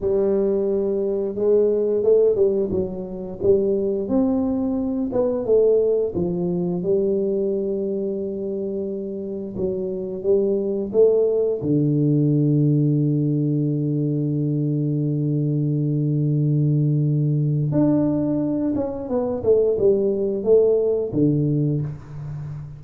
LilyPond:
\new Staff \with { instrumentName = "tuba" } { \time 4/4 \tempo 4 = 88 g2 gis4 a8 g8 | fis4 g4 c'4. b8 | a4 f4 g2~ | g2 fis4 g4 |
a4 d2.~ | d1~ | d2 d'4. cis'8 | b8 a8 g4 a4 d4 | }